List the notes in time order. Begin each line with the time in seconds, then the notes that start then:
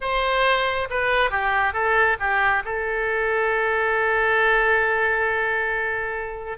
0.00 C5
0.89 B4
1.30 G4
1.73 A4
2.19 G4
2.64 A4